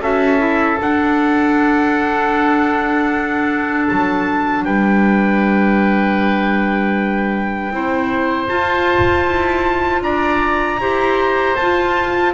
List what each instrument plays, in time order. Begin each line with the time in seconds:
0.00 double bass C#4, clarinet F#4, oboe A4, trumpet E5
0.38 clarinet E4
0.81 clarinet D4, double bass D4, trumpet F#5
3.88 double bass F#3, trumpet A5
4.65 double bass G3, oboe B4, trumpet G5
7.72 double bass C4, clarinet E4, oboe C5
8.48 clarinet F4, double bass F4, trumpet A5
9.26 double bass E4
10.01 double bass D4, oboe D5, trumpet A#5
10.79 double bass E4, clarinet G4, oboe C5
11.57 double bass F4, clarinet F4, trumpet A5